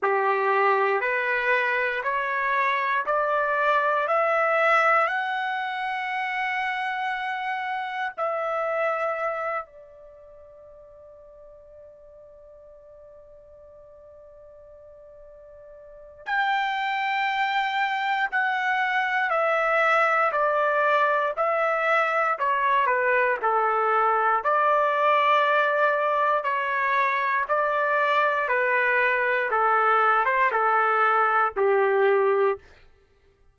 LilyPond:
\new Staff \with { instrumentName = "trumpet" } { \time 4/4 \tempo 4 = 59 g'4 b'4 cis''4 d''4 | e''4 fis''2. | e''4. d''2~ d''8~ | d''1 |
g''2 fis''4 e''4 | d''4 e''4 cis''8 b'8 a'4 | d''2 cis''4 d''4 | b'4 a'8. c''16 a'4 g'4 | }